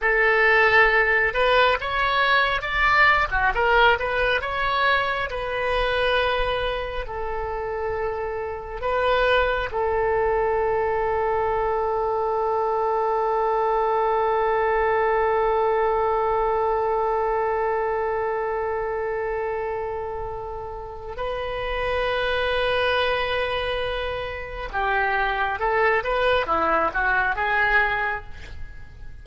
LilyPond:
\new Staff \with { instrumentName = "oboe" } { \time 4/4 \tempo 4 = 68 a'4. b'8 cis''4 d''8. fis'16 | ais'8 b'8 cis''4 b'2 | a'2 b'4 a'4~ | a'1~ |
a'1~ | a'1 | b'1 | g'4 a'8 b'8 e'8 fis'8 gis'4 | }